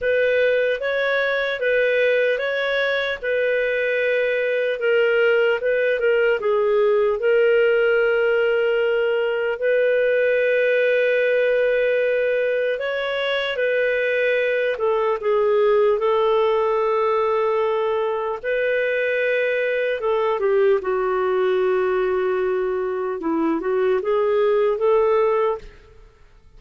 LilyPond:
\new Staff \with { instrumentName = "clarinet" } { \time 4/4 \tempo 4 = 75 b'4 cis''4 b'4 cis''4 | b'2 ais'4 b'8 ais'8 | gis'4 ais'2. | b'1 |
cis''4 b'4. a'8 gis'4 | a'2. b'4~ | b'4 a'8 g'8 fis'2~ | fis'4 e'8 fis'8 gis'4 a'4 | }